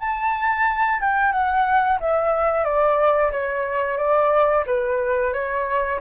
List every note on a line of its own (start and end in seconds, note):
0.00 1.00 A5
1.01 1.32 G5
1.32 1.99 F#5
2.00 2.65 E5
2.65 3.31 D5
3.32 3.98 C#5
3.98 4.64 D5
4.66 5.33 B4
5.33 6.00 C#5